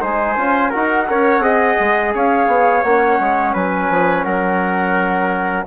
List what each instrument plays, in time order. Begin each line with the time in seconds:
0.00 bassoon G#3, trombone D#4, trumpet C5, flute G#5
0.36 bassoon C#4, trombone F4
0.70 bassoon D#4, trombone F#4, trumpet A#4, flute F#5
1.07 bassoon C#4, trombone A#4, trumpet C#5
1.39 bassoon C4, trombone G#4, trumpet D#5
1.79 bassoon G#3
2.14 bassoon C#4, trumpet C#5, flute F5
2.47 bassoon B3
2.83 bassoon A#3, trombone C#4, flute F#5
3.19 bassoon G#3
3.53 bassoon F#3, trumpet B4, flute G#5
3.89 bassoon F3
4.23 bassoon F#3, trumpet A#4, flute F#5